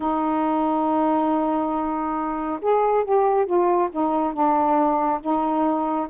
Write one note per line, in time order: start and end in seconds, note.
0.00 2.59 D#4
2.61 3.04 G#4
3.04 3.45 G4
3.45 3.89 F4
3.91 4.33 D#4
4.33 5.20 D4
5.20 6.07 D#4